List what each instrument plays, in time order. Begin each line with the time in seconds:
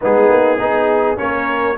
0.01 tuba G#3, trombone B3, horn D#4, trumpet G#4
0.30 tuba A#3
0.58 tuba B3, trombone D#4, horn G#4
1.16 tuba A#3, trombone C#4, horn A#4, trumpet C#5